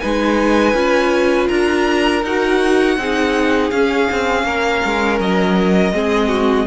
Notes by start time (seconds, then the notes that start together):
0.00 G#3 D#4 B4 G#5
0.74 C#4 F4
1.48 D4 A#4 A#5
2.23 D#4 F#4 F#5
2.98 C4 D#4 G#4
3.71 C#4 F5
4.12 C4
4.44 A#3 A#4
4.85 G#3
5.20 F#3 D#5
5.93 G#3 C4 G#4
6.29 F#4